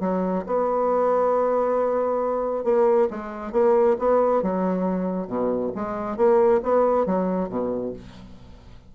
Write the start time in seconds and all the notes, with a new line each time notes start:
0.00 F#3
0.47 B3
2.64 A#3
3.10 G#3
3.52 A#3
3.99 B3
4.43 F#3
5.27 B2
5.75 G#3
6.17 A#3
6.63 B3
7.06 F#3
7.49 B2